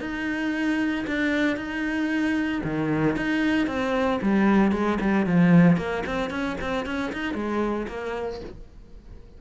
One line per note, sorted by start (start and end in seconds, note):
0.00 1.05 D#4
1.07 1.56 D4
1.56 2.61 D#4
2.64 3.16 D#3
3.16 3.67 D#4
3.67 4.20 C4
4.22 4.72 G3
4.72 4.98 G#3
5.00 5.26 G3
5.26 5.77 F3
5.77 6.03 A#3
6.06 6.30 C4
6.30 6.56 C#4
6.61 6.85 C4
6.85 7.12 C#4
7.12 7.34 D#4
7.34 7.87 G#3
7.88 8.40 A#3